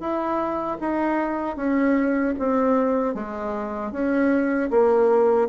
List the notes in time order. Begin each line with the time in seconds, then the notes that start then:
0.00 E4
0.81 D#4
1.57 C#4
2.39 C4
3.15 G#3
3.92 C#4
4.71 A#3